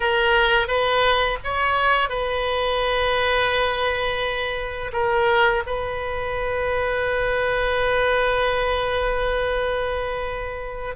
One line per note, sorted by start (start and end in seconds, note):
0.00 0.67 A#4
0.67 1.38 B4
1.43 2.09 C#5
2.09 4.91 B4
4.92 5.63 A#4
5.66 10.95 B4